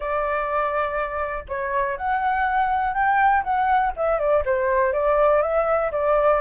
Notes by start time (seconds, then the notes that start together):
0.00 D5
1.48 C#5
1.97 F#5
2.94 G5
3.43 F#5
3.96 E5
4.18 D5
4.45 C5
4.92 D5
5.42 E5
5.91 D5